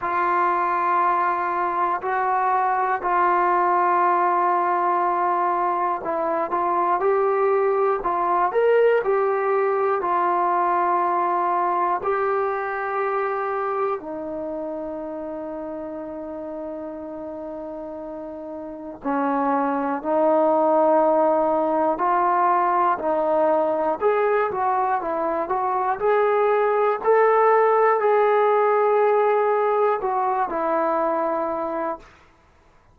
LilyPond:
\new Staff \with { instrumentName = "trombone" } { \time 4/4 \tempo 4 = 60 f'2 fis'4 f'4~ | f'2 e'8 f'8 g'4 | f'8 ais'8 g'4 f'2 | g'2 dis'2~ |
dis'2. cis'4 | dis'2 f'4 dis'4 | gis'8 fis'8 e'8 fis'8 gis'4 a'4 | gis'2 fis'8 e'4. | }